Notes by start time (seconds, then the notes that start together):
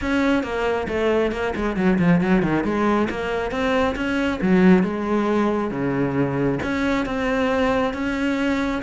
0.01 C#4
0.43 A#3
0.87 A3
1.31 A#3
1.55 G#3
1.76 F#3
1.98 F3
2.20 F#3
2.42 D#3
2.64 G#3
3.09 A#3
3.51 C4
3.95 C#4
4.41 F#3
4.83 G#3
5.71 C#3
6.62 C#4
7.05 C4
7.93 C#4